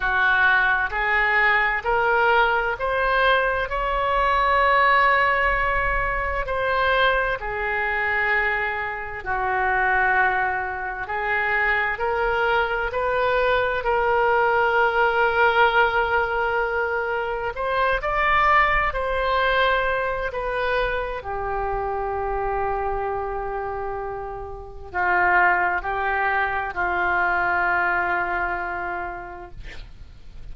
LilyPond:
\new Staff \with { instrumentName = "oboe" } { \time 4/4 \tempo 4 = 65 fis'4 gis'4 ais'4 c''4 | cis''2. c''4 | gis'2 fis'2 | gis'4 ais'4 b'4 ais'4~ |
ais'2. c''8 d''8~ | d''8 c''4. b'4 g'4~ | g'2. f'4 | g'4 f'2. | }